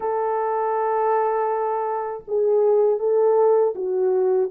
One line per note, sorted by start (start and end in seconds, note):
0.00 2.24 A4
2.27 2.99 G#4
2.99 3.74 A4
3.75 4.50 F#4